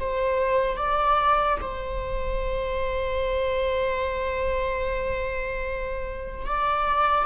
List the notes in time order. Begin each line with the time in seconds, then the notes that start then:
0.00 C5
0.77 D5
1.61 C5
6.46 D5